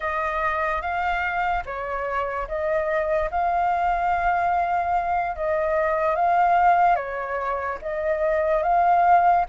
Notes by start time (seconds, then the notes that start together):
0.00 D#5
0.81 F5
1.65 C#5
2.48 D#5
3.31 F5
5.36 D#5
6.15 F5
6.95 C#5
7.81 D#5
8.63 F5